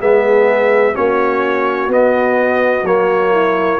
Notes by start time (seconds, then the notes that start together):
0.00 G#3 B3 G#4 E5
0.94 A#3 C#4 F#4 C#5
1.88 B3 D#5
2.83 F#3 A#3 C#5
3.32 E4